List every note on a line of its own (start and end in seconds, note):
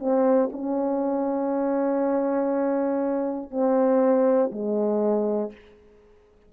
0.00 0.50 C4
0.53 3.51 C#4
3.51 4.51 C4
4.52 5.52 G#3